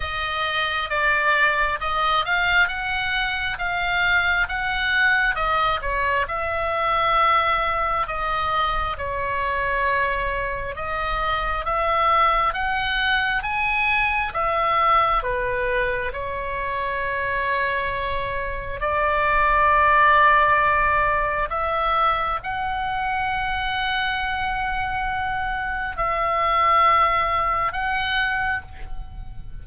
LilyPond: \new Staff \with { instrumentName = "oboe" } { \time 4/4 \tempo 4 = 67 dis''4 d''4 dis''8 f''8 fis''4 | f''4 fis''4 dis''8 cis''8 e''4~ | e''4 dis''4 cis''2 | dis''4 e''4 fis''4 gis''4 |
e''4 b'4 cis''2~ | cis''4 d''2. | e''4 fis''2.~ | fis''4 e''2 fis''4 | }